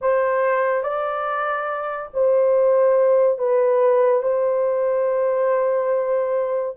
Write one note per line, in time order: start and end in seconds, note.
0.01 0.83 C5
0.83 2.09 D5
2.14 3.38 C5
3.38 4.22 B4
4.22 6.76 C5